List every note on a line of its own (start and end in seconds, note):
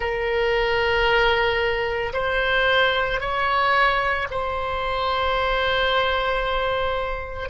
0.00 2.12 A#4
2.13 3.20 C5
3.20 4.27 C#5
4.31 7.49 C5